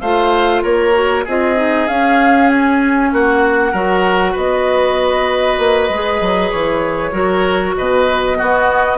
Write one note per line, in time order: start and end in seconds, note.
0.00 0.63 A3
0.00 0.93 F4
0.00 0.62 C5
0.00 0.62 F5
0.62 1.26 A#3
0.62 1.24 A#4
0.62 1.25 C#5
0.93 1.24 F#4
1.24 1.88 C4
1.24 1.56 F4
1.24 3.10 G#4
1.24 1.88 D#5
1.56 1.87 D#4
1.88 3.12 C#4
1.88 3.74 C#4
1.88 2.49 F5
2.49 3.11 G#5
3.12 3.73 A#3
3.12 3.72 F#4
3.12 4.37 F#5
3.72 4.35 F#3
3.72 5.90 F#4
3.72 4.32 A#4
4.32 5.58 B3
4.32 7.11 B4
4.32 6.51 D#5
5.58 5.89 A#3
5.89 6.20 G#3
5.89 7.12 G#4
6.20 6.51 F#3
6.51 7.12 E3
6.51 7.75 C#5
7.12 7.74 F#3
7.12 8.34 F#4
7.12 7.74 A#4
7.77 8.40 B2
7.77 8.38 B4
7.77 8.98 D#5
8.34 8.96 B3
8.34 8.98 F#4
8.41 8.98 B3